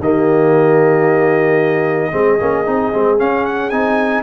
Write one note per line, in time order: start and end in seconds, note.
0.00 2.12 D#3
0.00 2.12 A#3
0.00 2.12 G4
0.00 3.20 D#5
2.12 2.41 G#3
2.12 2.39 C4
2.12 4.23 G#4
2.40 2.67 A#3
2.40 2.66 C#4
2.66 2.94 C4
2.66 2.93 D#4
2.93 3.21 G#3
2.93 3.18 C4
3.18 3.71 C#4
3.18 3.72 C#4
3.18 3.46 F5
3.46 3.70 F#5
3.70 4.23 C4
3.70 4.23 D#4
3.70 4.23 G#5